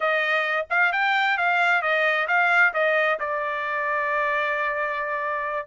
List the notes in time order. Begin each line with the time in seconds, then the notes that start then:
0.00 D#5
0.70 F5
0.92 G5
1.37 F5
1.82 D#5
2.27 F5
2.73 D#5
3.19 D5